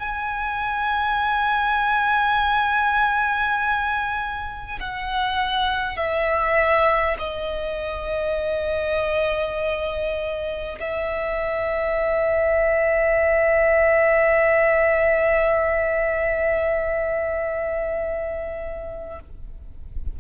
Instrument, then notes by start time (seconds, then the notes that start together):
violin
0.00 G#5
4.81 F#5
5.97 E5
7.19 D#5
10.80 E5